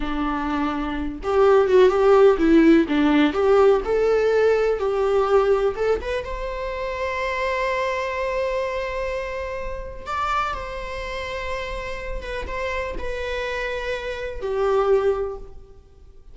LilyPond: \new Staff \with { instrumentName = "viola" } { \time 4/4 \tempo 4 = 125 d'2~ d'8 g'4 fis'8 | g'4 e'4 d'4 g'4 | a'2 g'2 | a'8 b'8 c''2.~ |
c''1~ | c''4 d''4 c''2~ | c''4. b'8 c''4 b'4~ | b'2 g'2 | }